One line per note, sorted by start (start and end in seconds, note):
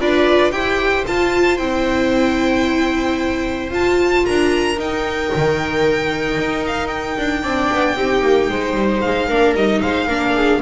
0.00 0.52 D4
0.00 0.52 F4
0.00 0.53 B4
0.00 0.52 D5
0.52 1.05 E4
0.52 1.05 G4
0.52 4.25 C5
0.52 1.05 G5
1.07 1.59 F4
1.07 1.57 A5
1.57 3.70 C4
1.57 3.70 E4
1.57 3.70 G5
3.70 4.76 F4
3.70 4.24 F4
3.70 4.26 A5
4.26 4.77 D4
4.26 7.43 A#4
4.26 4.79 A#5
4.77 5.30 D#4
4.77 7.43 D#4
4.77 6.66 G5
5.36 6.37 D#3
6.37 7.17 D#4
6.66 6.87 F5
6.87 9.00 G5
7.17 7.43 D4
7.43 7.70 C4
7.43 7.96 D4
7.43 7.96 D5
7.71 7.96 B3
7.96 8.22 C4
7.96 9.30 D#4
7.96 8.49 G4
8.22 8.48 A#3
8.48 8.74 G#3
8.48 9.28 C5
8.74 9.00 G3
9.01 9.29 G#3
9.01 9.54 F5
9.28 9.55 A#3
9.28 9.55 D4
9.28 9.81 A#4
9.55 9.81 G3
9.55 10.09 D#4
9.55 9.81 D#5
9.81 10.08 G#3
9.81 10.07 C5
9.81 10.61 F5
10.07 10.61 A#3
10.07 10.62 D4
10.07 10.34 A#4
10.34 10.61 G#4